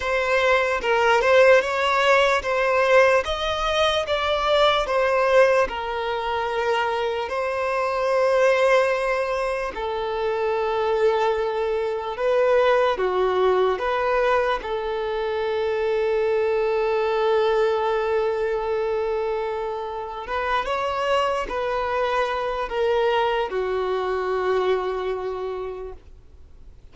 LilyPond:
\new Staff \with { instrumentName = "violin" } { \time 4/4 \tempo 4 = 74 c''4 ais'8 c''8 cis''4 c''4 | dis''4 d''4 c''4 ais'4~ | ais'4 c''2. | a'2. b'4 |
fis'4 b'4 a'2~ | a'1~ | a'4 b'8 cis''4 b'4. | ais'4 fis'2. | }